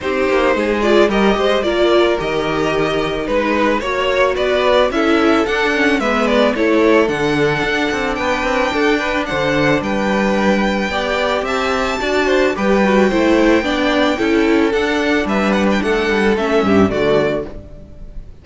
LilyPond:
<<
  \new Staff \with { instrumentName = "violin" } { \time 4/4 \tempo 4 = 110 c''4. d''8 dis''4 d''4 | dis''2 b'4 cis''4 | d''4 e''4 fis''4 e''8 d''8 | cis''4 fis''2 g''4~ |
g''4 fis''4 g''2~ | g''4 a''2 g''4~ | g''2. fis''4 | e''8 fis''16 g''16 fis''4 e''4 d''4 | }
  \new Staff \with { instrumentName = "violin" } { \time 4/4 g'4 gis'4 ais'8 c''8 ais'4~ | ais'2 b'4 cis''4 | b'4 a'2 b'4 | a'2. b'4 |
a'8 b'8 c''4 b'2 | d''4 e''4 d''8 c''8 b'4 | c''4 d''4 a'2 | b'4 a'4. g'8 fis'4 | }
  \new Staff \with { instrumentName = "viola" } { \time 4/4 dis'4. f'8 g'4 f'4 | g'2 dis'4 fis'4~ | fis'4 e'4 d'8 cis'8 b4 | e'4 d'2.~ |
d'1 | g'2 fis'4 g'8 fis'8 | e'4 d'4 e'4 d'4~ | d'2 cis'4 a4 | }
  \new Staff \with { instrumentName = "cello" } { \time 4/4 c'8 ais8 gis4 g8 gis8 ais4 | dis2 gis4 ais4 | b4 cis'4 d'4 gis4 | a4 d4 d'8 c'8 b8 c'8 |
d'4 d4 g2 | b4 c'4 d'4 g4 | a4 b4 cis'4 d'4 | g4 a8 g8 a8 g,8 d4 | }
>>